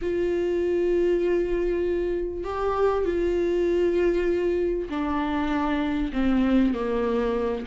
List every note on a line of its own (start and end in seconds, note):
0.01 2.44 F4
2.44 3.04 G4
3.04 4.88 F4
4.89 6.11 D4
6.12 6.73 C4
6.73 7.65 A#3